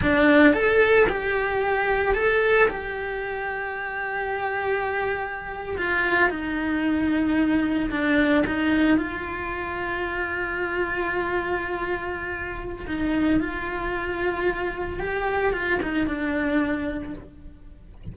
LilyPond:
\new Staff \with { instrumentName = "cello" } { \time 4/4 \tempo 4 = 112 d'4 a'4 g'2 | a'4 g'2.~ | g'2~ g'8. f'4 dis'16~ | dis'2~ dis'8. d'4 dis'16~ |
dis'8. f'2.~ f'16~ | f'1 | dis'4 f'2. | g'4 f'8 dis'8 d'2 | }